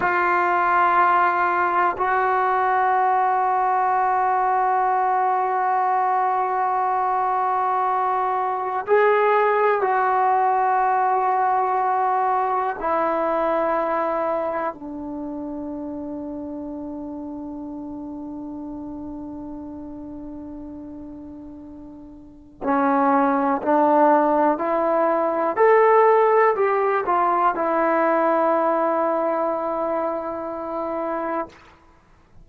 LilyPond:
\new Staff \with { instrumentName = "trombone" } { \time 4/4 \tempo 4 = 61 f'2 fis'2~ | fis'1~ | fis'4 gis'4 fis'2~ | fis'4 e'2 d'4~ |
d'1~ | d'2. cis'4 | d'4 e'4 a'4 g'8 f'8 | e'1 | }